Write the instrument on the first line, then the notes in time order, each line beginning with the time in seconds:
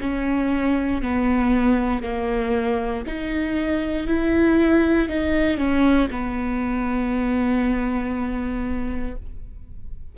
viola
0.00 C#4
1.02 B3
2.02 A#3
3.06 D#4
4.07 E4
5.08 D#4
5.57 C#4
6.10 B3